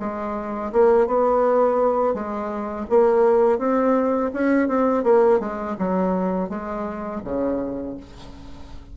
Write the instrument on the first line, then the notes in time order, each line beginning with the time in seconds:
bassoon
0.00 G#3
0.73 A#3
1.07 B3
2.14 G#3
2.90 A#3
3.59 C4
4.34 C#4
4.69 C4
5.04 A#3
5.40 G#3
5.79 F#3
6.50 G#3
7.25 C#3